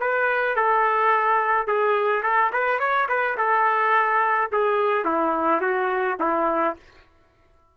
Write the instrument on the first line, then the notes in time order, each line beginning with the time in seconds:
trumpet
0.00 B4
0.56 A4
1.67 G#4
2.23 A4
2.53 B4
2.79 C#5
3.08 B4
3.37 A4
4.52 G#4
5.05 E4
5.61 F#4
6.20 E4